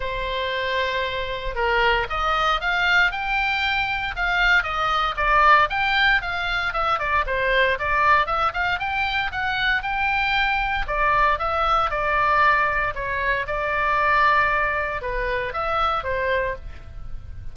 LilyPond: \new Staff \with { instrumentName = "oboe" } { \time 4/4 \tempo 4 = 116 c''2. ais'4 | dis''4 f''4 g''2 | f''4 dis''4 d''4 g''4 | f''4 e''8 d''8 c''4 d''4 |
e''8 f''8 g''4 fis''4 g''4~ | g''4 d''4 e''4 d''4~ | d''4 cis''4 d''2~ | d''4 b'4 e''4 c''4 | }